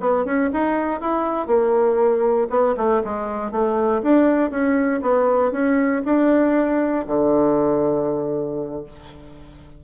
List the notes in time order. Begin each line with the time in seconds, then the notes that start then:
0.00 B3
0.25 C#4
0.53 D#4
1.00 E4
1.47 A#3
2.50 B3
2.77 A3
3.04 G#3
3.51 A3
4.03 D4
4.51 C#4
5.02 B3
5.52 C#4
6.05 D4
7.07 D3